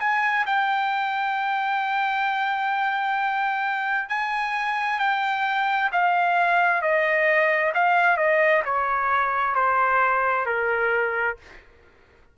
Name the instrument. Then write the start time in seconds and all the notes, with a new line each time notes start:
trumpet
0.00 G#5
0.46 G5
4.10 G#5
5.00 G5
5.93 F5
6.82 D#5
7.75 F5
8.17 D#5
8.65 C#5
9.55 C5
10.46 A#4